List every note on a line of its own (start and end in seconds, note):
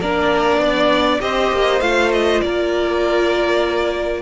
0.00 0.57 A#3
0.00 1.19 D4
0.00 0.60 A#4
0.00 1.21 D5
0.57 1.18 B3
0.57 1.20 D5
1.19 1.51 C4
1.19 1.80 G4
1.19 2.43 C5
1.19 1.80 D#5
1.51 1.80 A#3
1.80 2.41 A3
1.80 4.22 F4
1.80 2.11 F5
2.11 2.40 D#5
2.40 4.22 A#3
2.40 4.22 A#4
2.40 4.22 D5